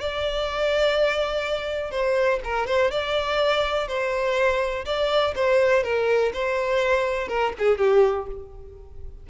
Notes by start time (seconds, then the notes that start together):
0.00 D5
1.91 C5
2.44 A#4
2.67 C5
2.91 D5
3.87 C5
4.85 D5
5.35 C5
5.83 A#4
6.33 C5
7.28 A#4
7.58 G#4
7.78 G4